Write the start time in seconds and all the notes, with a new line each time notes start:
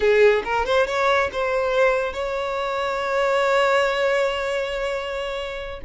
0.00 G#4
0.44 A#4
0.65 C5
0.86 C#5
1.32 C5
2.13 C#5